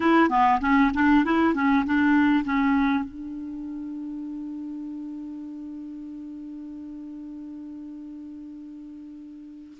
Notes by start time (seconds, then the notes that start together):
0.00 E4
0.29 B3
0.61 C#4
0.94 D4
1.24 E4
1.54 C#4
1.85 D4
2.44 C#4
3.04 D4